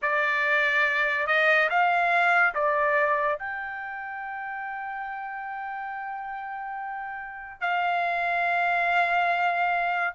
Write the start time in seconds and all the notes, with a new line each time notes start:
0.02 D5
1.26 D#5
1.69 F5
2.54 D5
3.38 G5
7.61 F5